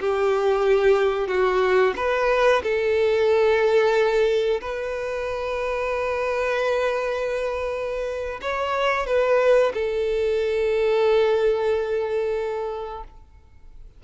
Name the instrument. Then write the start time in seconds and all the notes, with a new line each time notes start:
violin
0.00 G4
1.28 F#4
1.96 B4
2.63 A4
4.61 B4
8.42 C#5
9.07 B4
9.74 A4